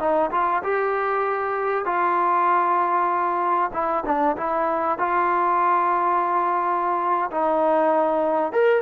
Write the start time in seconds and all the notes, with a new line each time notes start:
0.00 D#4
0.32 F4
0.64 G4
1.86 F4
3.74 E4
4.06 D4
4.37 E4
4.99 F4
7.31 D#4
8.53 A#4